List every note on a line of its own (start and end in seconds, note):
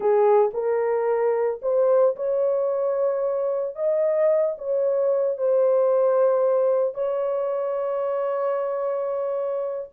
0.00 0.51 G#4
0.53 1.60 A#4
1.61 2.15 C5
2.16 3.75 C#5
3.75 4.55 D#5
4.58 5.37 C#5
5.37 6.94 C5
6.94 9.88 C#5